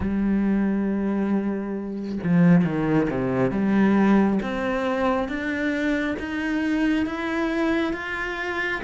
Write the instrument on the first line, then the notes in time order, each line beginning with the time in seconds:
cello
0.00 G3
2.23 F3
2.64 D#3
3.10 C3
3.51 G3
4.42 C4
5.28 D4
6.19 D#4
7.06 E4
7.93 F4